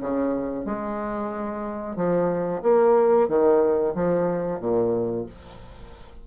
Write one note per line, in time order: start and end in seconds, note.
0.00 0.65 C#3
0.65 1.96 G#3
1.96 2.62 F3
2.62 3.28 A#3
3.28 3.94 D#3
3.94 4.60 F3
4.60 5.26 A#2